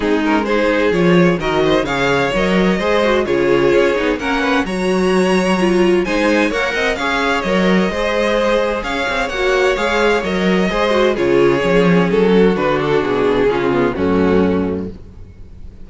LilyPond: <<
  \new Staff \with { instrumentName = "violin" } { \time 4/4 \tempo 4 = 129 gis'8 ais'8 c''4 cis''4 dis''4 | f''4 dis''2 cis''4~ | cis''4 fis''4 ais''2~ | ais''4 gis''4 fis''4 f''4 |
dis''2. f''4 | fis''4 f''4 dis''2 | cis''2 a'4 b'8 a'8 | gis'2 fis'2 | }
  \new Staff \with { instrumentName = "violin" } { \time 4/4 dis'4 gis'2 ais'8 c''8 | cis''2 c''4 gis'4~ | gis'4 ais'8 b'8 cis''2~ | cis''4 c''4 cis''8 dis''8 cis''4~ |
cis''4 c''2 cis''4~ | cis''2. c''4 | gis'2~ gis'8 fis'4.~ | fis'4 f'4 cis'2 | }
  \new Staff \with { instrumentName = "viola" } { \time 4/4 c'8 cis'8 dis'4 f'4 fis'4 | gis'4 ais'4 gis'8 fis'8 f'4~ | f'8 dis'8 cis'4 fis'2 | f'4 dis'4 ais'4 gis'4 |
ais'4 gis'2. | fis'4 gis'4 ais'4 gis'8 fis'8 | f'4 cis'2 d'4~ | d'4 cis'8 b8 a2 | }
  \new Staff \with { instrumentName = "cello" } { \time 4/4 gis2 f4 dis4 | cis4 fis4 gis4 cis4 | cis'8 b8 ais4 fis2~ | fis4 gis4 ais8 c'8 cis'4 |
fis4 gis2 cis'8 c'8 | ais4 gis4 fis4 gis4 | cis4 f4 fis4 d4 | b,4 cis4 fis,2 | }
>>